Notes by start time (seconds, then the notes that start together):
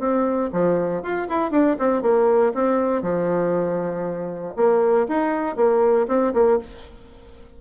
0.00 C4
0.53 F3
1.03 F4
1.29 E4
1.51 D4
1.80 C4
2.03 A#3
2.55 C4
3.03 F3
4.57 A#3
5.09 D#4
5.57 A#3
6.09 C4
6.34 A#3